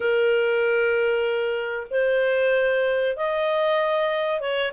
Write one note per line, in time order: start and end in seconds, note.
0.00 1.87 A#4
1.90 3.16 C5
3.16 4.40 D#5
4.40 4.72 C#5